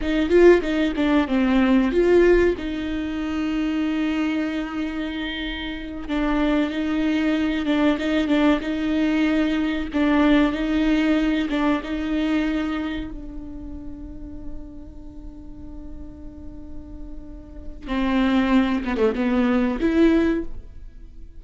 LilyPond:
\new Staff \with { instrumentName = "viola" } { \time 4/4 \tempo 4 = 94 dis'8 f'8 dis'8 d'8 c'4 f'4 | dis'1~ | dis'4. d'4 dis'4. | d'8 dis'8 d'8 dis'2 d'8~ |
d'8 dis'4. d'8 dis'4.~ | dis'8 d'2.~ d'8~ | d'1 | c'4. b16 a16 b4 e'4 | }